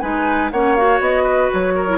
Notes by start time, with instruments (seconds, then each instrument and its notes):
0.00 bassoon G#3, clarinet D#4, oboe B4, flute G#5
0.52 bassoon A#3, clarinet C#4, oboe C#5, flute F#5
0.76 clarinet F#4, flute F5
1.00 bassoon B3, flute D#5
1.24 oboe B4
1.53 bassoon F#3, flute C#5
1.76 oboe A#4
1.87 clarinet E4